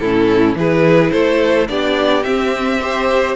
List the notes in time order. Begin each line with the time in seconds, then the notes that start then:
0.00 A2 C#4 E4 A4
0.55 E3 E4 G#4 B4
1.12 A3 A4 C5
1.69 B3 D4 G4 D5
2.23 C4 E5
2.82 G4 C5